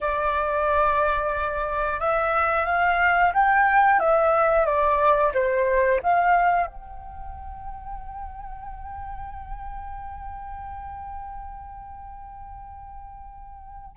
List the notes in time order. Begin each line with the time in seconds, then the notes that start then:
0.01 D5
2.00 E5
2.66 F5
3.33 G5
3.99 E5
4.65 D5
5.34 C5
6.02 F5
6.66 G5